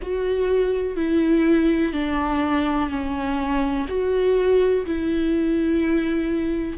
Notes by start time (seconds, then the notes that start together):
0.02 F#4
0.96 E4
1.92 D4
2.89 C#4
3.88 F#4
4.85 E4